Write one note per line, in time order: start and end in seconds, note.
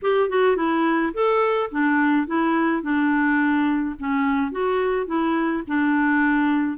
0.02 0.29 G4
0.29 0.56 F#4
0.56 1.12 E4
1.13 1.70 A4
1.71 2.26 D4
2.26 2.82 E4
2.82 3.95 D4
3.99 4.51 C#4
4.51 5.06 F#4
5.06 5.63 E4
5.67 6.77 D4